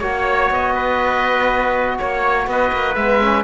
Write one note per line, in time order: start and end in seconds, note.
0.00 0.50 A#3
0.00 2.98 F#4
0.00 0.74 C#5
0.00 0.53 C#5
0.51 1.98 B3
0.51 1.98 D#5
0.75 1.98 B4
1.98 2.47 A#3
1.98 2.48 C#5
2.47 2.72 B3
2.47 3.44 B4
2.47 2.95 D#5
2.73 2.96 A#3
2.95 3.44 G#3
2.95 3.21 B3
2.95 3.44 E5
3.21 3.44 C#4